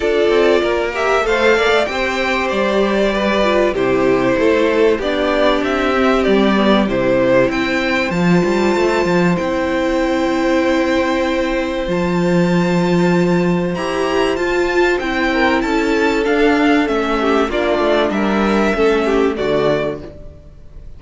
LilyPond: <<
  \new Staff \with { instrumentName = "violin" } { \time 4/4 \tempo 4 = 96 d''4. e''8 f''4 g''4 | d''2 c''2 | d''4 e''4 d''4 c''4 | g''4 a''2 g''4~ |
g''2. a''4~ | a''2 ais''4 a''4 | g''4 a''4 f''4 e''4 | d''4 e''2 d''4 | }
  \new Staff \with { instrumentName = "violin" } { \time 4/4 a'4 ais'4 c''8 d''8 c''4~ | c''4 b'4 g'4 a'4 | g'1 | c''1~ |
c''1~ | c''1~ | c''8 ais'8 a'2~ a'8 g'8 | f'4 ais'4 a'8 g'8 fis'4 | }
  \new Staff \with { instrumentName = "viola" } { \time 4/4 f'4. g'8 a'4 g'4~ | g'4. f'8 e'2 | d'4. c'4 b8 e'4~ | e'4 f'2 e'4~ |
e'2. f'4~ | f'2 g'4 f'4 | e'2 d'4 cis'4 | d'2 cis'4 a4 | }
  \new Staff \with { instrumentName = "cello" } { \time 4/4 d'8 c'8 ais4 a8 ais16 a16 c'4 | g2 c4 a4 | b4 c'4 g4 c4 | c'4 f8 g8 a8 f8 c'4~ |
c'2. f4~ | f2 e'4 f'4 | c'4 cis'4 d'4 a4 | ais8 a8 g4 a4 d4 | }
>>